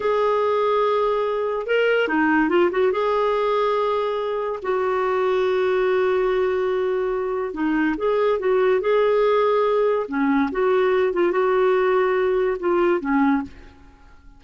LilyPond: \new Staff \with { instrumentName = "clarinet" } { \time 4/4 \tempo 4 = 143 gis'1 | ais'4 dis'4 f'8 fis'8 gis'4~ | gis'2. fis'4~ | fis'1~ |
fis'2 dis'4 gis'4 | fis'4 gis'2. | cis'4 fis'4. f'8 fis'4~ | fis'2 f'4 cis'4 | }